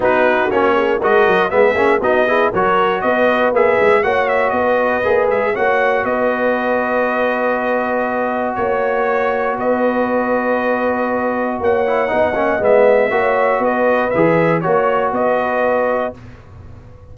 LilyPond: <<
  \new Staff \with { instrumentName = "trumpet" } { \time 4/4 \tempo 4 = 119 b'4 cis''4 dis''4 e''4 | dis''4 cis''4 dis''4 e''4 | fis''8 e''8 dis''4. e''8 fis''4 | dis''1~ |
dis''4 cis''2 dis''4~ | dis''2. fis''4~ | fis''4 e''2 dis''4 | e''4 cis''4 dis''2 | }
  \new Staff \with { instrumentName = "horn" } { \time 4/4 fis'4. gis'8 ais'4 gis'4 | fis'8 gis'8 ais'4 b'2 | cis''4 b'2 cis''4 | b'1~ |
b'4 cis''2 b'4~ | b'2. cis''4 | dis''2 cis''4 b'4~ | b'4 cis''4 b'2 | }
  \new Staff \with { instrumentName = "trombone" } { \time 4/4 dis'4 cis'4 fis'4 b8 cis'8 | dis'8 e'8 fis'2 gis'4 | fis'2 gis'4 fis'4~ | fis'1~ |
fis'1~ | fis'2.~ fis'8 e'8 | dis'8 cis'8 b4 fis'2 | gis'4 fis'2. | }
  \new Staff \with { instrumentName = "tuba" } { \time 4/4 b4 ais4 gis8 fis8 gis8 ais8 | b4 fis4 b4 ais8 gis8 | ais4 b4 ais8 gis8 ais4 | b1~ |
b4 ais2 b4~ | b2. ais4 | b8 ais8 gis4 ais4 b4 | e4 ais4 b2 | }
>>